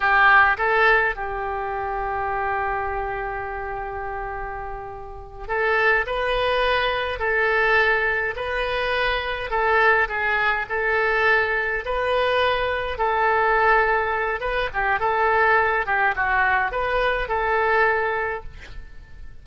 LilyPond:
\new Staff \with { instrumentName = "oboe" } { \time 4/4 \tempo 4 = 104 g'4 a'4 g'2~ | g'1~ | g'4. a'4 b'4.~ | b'8 a'2 b'4.~ |
b'8 a'4 gis'4 a'4.~ | a'8 b'2 a'4.~ | a'4 b'8 g'8 a'4. g'8 | fis'4 b'4 a'2 | }